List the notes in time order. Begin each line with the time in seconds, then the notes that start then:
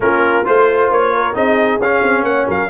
0.00 A#3 C#4 F4 A#4
0.44 A3 F4 C5
0.90 A#3 C#5
1.14 A#4
1.34 C4 D#4 G#4 D#5
1.78 C#4 F5
2.02 C4
2.22 A#3 C#5 F#5
2.47 F#3 A#4 F5